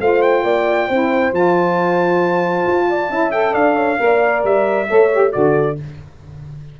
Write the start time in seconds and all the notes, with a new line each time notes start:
0.00 A3 F4 C5 F5
0.22 G5
0.44 A#3 D5
0.88 C4 E4 C5
1.32 F3 F4 A5
2.67 F4
2.90 D5
3.10 C#4 E4 E5
3.32 A4 G5
3.53 D4 D5 F5
3.76 C#5
3.98 A#3 A#4 D5
4.44 G3 E5
4.89 A3 A4 C#5
5.13 G4
5.31 D3 F#4 A4 D5